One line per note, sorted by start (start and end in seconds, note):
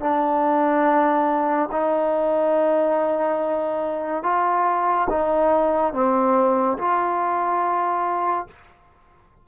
0.00 1.69 D4
1.72 4.23 D#4
4.23 5.08 F4
5.09 5.93 D#4
5.93 6.78 C4
6.78 8.47 F4